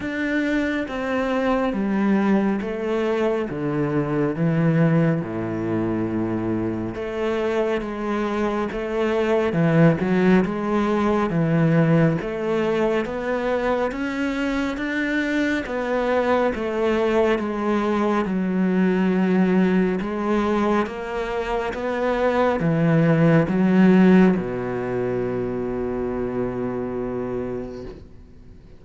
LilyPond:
\new Staff \with { instrumentName = "cello" } { \time 4/4 \tempo 4 = 69 d'4 c'4 g4 a4 | d4 e4 a,2 | a4 gis4 a4 e8 fis8 | gis4 e4 a4 b4 |
cis'4 d'4 b4 a4 | gis4 fis2 gis4 | ais4 b4 e4 fis4 | b,1 | }